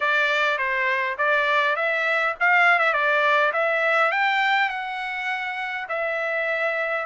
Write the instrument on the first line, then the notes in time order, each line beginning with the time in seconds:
trumpet
0.00 D5
0.57 C5
1.18 D5
1.76 E5
2.40 F5
2.79 E5
2.93 D5
3.52 E5
4.11 G5
4.69 F#5
5.89 E5